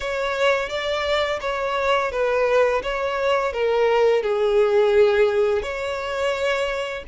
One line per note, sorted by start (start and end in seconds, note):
0.00 0.69 C#5
0.69 1.39 D5
1.41 2.11 C#5
2.11 2.82 B4
2.82 3.52 C#5
3.52 4.22 A#4
4.22 5.62 G#4
5.62 7.03 C#5